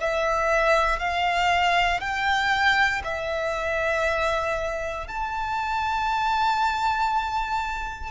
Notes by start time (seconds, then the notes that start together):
0.00 E5
0.99 F5
2.00 G5
3.04 E5
5.08 A5